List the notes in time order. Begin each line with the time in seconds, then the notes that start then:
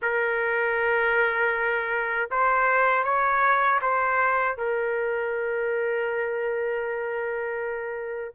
0.01 A#4
2.30 C5
3.04 C#5
3.81 C5
4.57 A#4